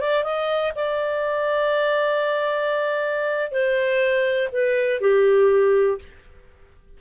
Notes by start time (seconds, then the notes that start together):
0.00 D5
0.24 D#5
0.75 D5
3.51 C5
4.52 B4
5.01 G4